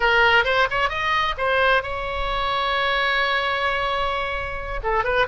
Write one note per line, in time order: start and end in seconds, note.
0.00 0.44 A#4
0.44 0.67 C5
0.70 0.89 C#5
0.89 1.34 D#5
1.37 1.83 C5
1.83 4.80 C#5
4.83 5.03 A4
5.03 5.26 B4